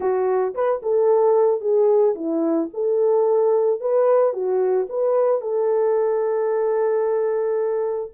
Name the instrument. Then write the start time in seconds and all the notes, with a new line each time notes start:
horn
0.00 F#4
0.54 B4
0.82 A4
1.60 G#4
2.15 E4
2.73 A4
3.80 B4
4.33 F#4
4.89 B4
5.41 A4